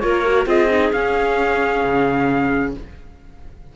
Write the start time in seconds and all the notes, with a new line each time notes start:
0.00 A#3 F4 A#4 C#5
0.26 F#4
0.46 C4 F4 G#4 D#5
0.71 D#4
0.93 C#4 F5
1.84 C#3